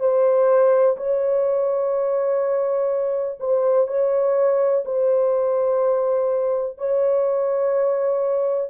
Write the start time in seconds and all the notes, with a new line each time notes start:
0.00 C5
0.97 C#5
3.40 C5
3.88 C#5
4.85 C5
6.78 C#5